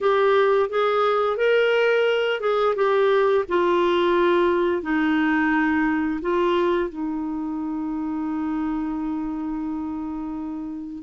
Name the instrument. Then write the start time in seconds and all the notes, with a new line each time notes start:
clarinet
0.01 G4
0.69 G#4
1.36 A#4
2.40 G#4
2.75 G4
3.48 F4
4.82 D#4
6.21 F4
6.89 D#4